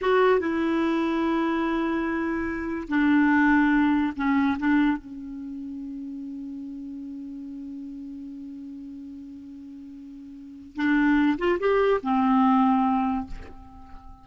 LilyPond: \new Staff \with { instrumentName = "clarinet" } { \time 4/4 \tempo 4 = 145 fis'4 e'2.~ | e'2. d'4~ | d'2 cis'4 d'4 | cis'1~ |
cis'1~ | cis'1~ | cis'2 d'4. f'8 | g'4 c'2. | }